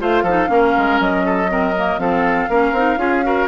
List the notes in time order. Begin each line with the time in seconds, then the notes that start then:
0.00 A3 F4 C5 F5
0.22 F3 D#4 A4
0.47 A#3 C#4 A#4
0.77 G#3
0.99 F#3 D#5
1.25 A4
1.49 C4 A#4
1.77 A#3
1.98 F3 C4 A4 F5
2.48 A#3 C#4 A#4
2.72 C4 D#4
2.96 C#4 F4 G#4
3.23 F#4 A#4